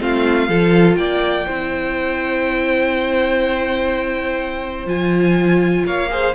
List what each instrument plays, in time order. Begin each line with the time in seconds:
0.00 cello A3, viola C4, violin F4 F5
0.49 cello F3, viola F4, violin A4
0.96 cello A#3, violin D5 G5
1.47 cello C4, viola E4, violin C5
4.87 cello F3, viola F4, violin G#5
5.86 cello A#3, violin C#5 F5
6.10 viola G#4, violin C5